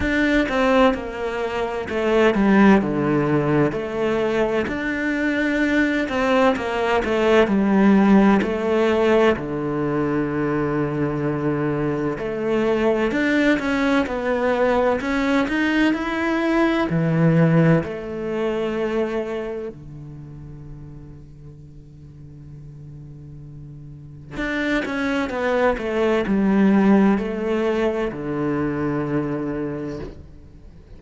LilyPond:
\new Staff \with { instrumentName = "cello" } { \time 4/4 \tempo 4 = 64 d'8 c'8 ais4 a8 g8 d4 | a4 d'4. c'8 ais8 a8 | g4 a4 d2~ | d4 a4 d'8 cis'8 b4 |
cis'8 dis'8 e'4 e4 a4~ | a4 d2.~ | d2 d'8 cis'8 b8 a8 | g4 a4 d2 | }